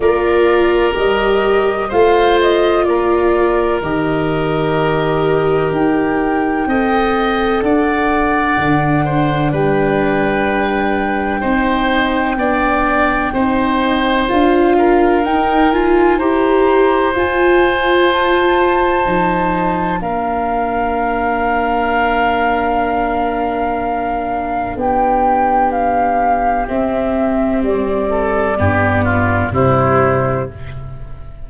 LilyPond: <<
  \new Staff \with { instrumentName = "flute" } { \time 4/4 \tempo 4 = 63 d''4 dis''4 f''8 dis''8 d''4 | dis''2 g''2 | fis''2 g''2~ | g''2. f''4 |
g''8 gis''8 ais''4 gis''4 a''4~ | a''4 f''2.~ | f''2 g''4 f''4 | e''4 d''2 c''4 | }
  \new Staff \with { instrumentName = "oboe" } { \time 4/4 ais'2 c''4 ais'4~ | ais'2. dis''4 | d''4. c''8 b'2 | c''4 d''4 c''4. ais'8~ |
ais'4 c''2.~ | c''4 ais'2.~ | ais'2 g'2~ | g'4. a'8 g'8 f'8 e'4 | }
  \new Staff \with { instrumentName = "viola" } { \time 4/4 f'4 g'4 f'2 | g'2. a'4~ | a'4 d'2. | dis'4 d'4 dis'4 f'4 |
dis'8 f'8 g'4 f'2 | dis'4 d'2.~ | d'1 | c'2 b4 g4 | }
  \new Staff \with { instrumentName = "tuba" } { \time 4/4 ais4 g4 a4 ais4 | dis2 dis'4 c'4 | d'4 d4 g2 | c'4 b4 c'4 d'4 |
dis'4 e'4 f'2 | f4 ais2.~ | ais2 b2 | c'4 g4 g,4 c4 | }
>>